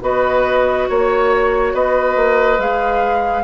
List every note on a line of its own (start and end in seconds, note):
0.00 0.87 B3
0.00 2.57 F#4
0.00 0.88 B4
0.00 0.88 D#5
0.88 1.73 A#3
0.88 1.73 C#5
0.88 1.75 C#5
1.73 2.16 B3
1.73 3.44 B4
1.73 2.60 D#5
2.16 2.58 A#3
2.58 3.44 G#3
2.58 3.44 G#4
2.58 3.44 F5